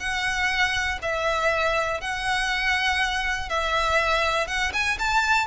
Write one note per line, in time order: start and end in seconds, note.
0.00 0.99 F#5
1.02 2.01 E5
2.01 3.50 F#5
3.50 4.47 E5
4.47 4.72 F#5
4.73 4.98 G#5
4.99 5.47 A5